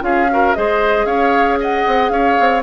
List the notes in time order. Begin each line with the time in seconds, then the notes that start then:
0.00 C#4 F4 G#4 F5
0.30 F#4 A#4
0.54 G#3 G#4 C5 D#5
1.05 C#4 C#5 F5
1.59 D#5 F#5
1.87 C4
2.09 C#4 C#5 F5
2.39 C4